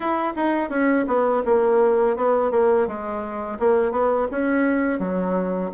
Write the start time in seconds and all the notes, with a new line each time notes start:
0.00 E4
0.35 D#4
0.69 C#4
1.07 B3
1.44 A#3
2.16 B3
2.51 A#3
2.87 G#3
3.59 A#3
3.91 B3
4.31 C#4
4.99 F#3